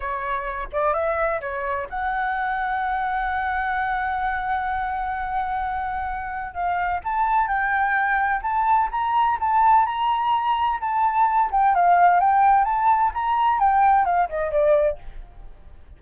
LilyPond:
\new Staff \with { instrumentName = "flute" } { \time 4/4 \tempo 4 = 128 cis''4. d''8 e''4 cis''4 | fis''1~ | fis''1~ | fis''2 f''4 a''4 |
g''2 a''4 ais''4 | a''4 ais''2 a''4~ | a''8 g''8 f''4 g''4 a''4 | ais''4 g''4 f''8 dis''8 d''4 | }